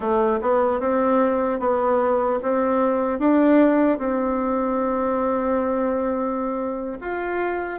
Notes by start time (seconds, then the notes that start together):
0.00 A3
0.41 B3
0.80 C4
1.59 B3
2.42 C4
3.19 D4
3.98 C4
7.00 F4